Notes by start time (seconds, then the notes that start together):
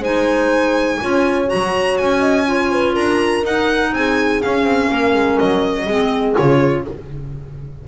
0.00 G#3 D#4 C5 G#5
1.00 C#4 F4 C#5
1.46 F#4 A#5
1.53 F#3
1.97 C#4 G#5
2.20 D#5
2.46 F4 C#5
2.71 B4
2.93 D4 A#4 A#5
3.43 D#4 F#5
3.93 C4 G#4 G#5
4.42 C#4 F5
4.63 C4
4.90 A#3 A#4
5.14 G#3
5.38 F#3 D#5
5.83 G#3 C4 G#4
6.35 C#3 F4 C#5